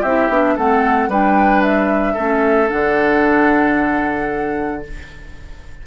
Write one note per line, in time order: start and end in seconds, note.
0.00 0.28 C4
0.00 0.31 E4
0.00 0.54 G4
0.00 0.56 E5
0.28 0.55 B3
0.28 0.57 D4
0.55 1.08 A3
0.55 1.10 C4
0.55 1.09 A4
0.55 1.10 F#5
1.08 2.15 G3
1.08 2.17 D4
1.08 2.13 B4
1.08 1.62 G5
1.62 2.69 E5
2.13 2.70 A3
2.13 2.68 C#4
2.13 4.81 A4
2.68 4.86 D3
2.68 4.82 D4
2.68 4.83 F#5